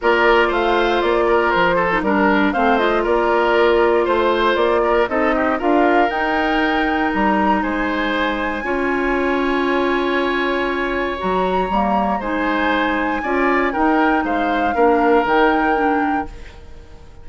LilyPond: <<
  \new Staff \with { instrumentName = "flute" } { \time 4/4 \tempo 4 = 118 d''4 f''4 d''4 c''4 | ais'4 f''8 dis''8 d''2 | c''4 d''4 dis''4 f''4 | g''2 ais''4 gis''4~ |
gis''1~ | gis''2 ais''2 | gis''2. g''4 | f''2 g''2 | }
  \new Staff \with { instrumentName = "oboe" } { \time 4/4 ais'4 c''4. ais'4 a'8 | ais'4 c''4 ais'2 | c''4. ais'8 a'8 g'8 ais'4~ | ais'2. c''4~ |
c''4 cis''2.~ | cis''1 | c''2 d''4 ais'4 | c''4 ais'2. | }
  \new Staff \with { instrumentName = "clarinet" } { \time 4/4 f'2.~ f'8. dis'16 | d'4 c'8 f'2~ f'8~ | f'2 dis'4 f'4 | dis'1~ |
dis'4 f'2.~ | f'2 fis'4 ais4 | dis'2 f'4 dis'4~ | dis'4 d'4 dis'4 d'4 | }
  \new Staff \with { instrumentName = "bassoon" } { \time 4/4 ais4 a4 ais4 f4 | g4 a4 ais2 | a4 ais4 c'4 d'4 | dis'2 g4 gis4~ |
gis4 cis'2.~ | cis'2 fis4 g4 | gis2 cis'4 dis'4 | gis4 ais4 dis2 | }
>>